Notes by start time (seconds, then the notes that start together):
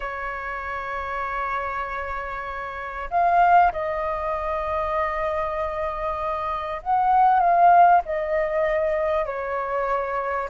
0.00 C#5
3.10 F5
3.72 D#5
6.82 F#5
7.39 F5
8.05 D#5
9.25 C#5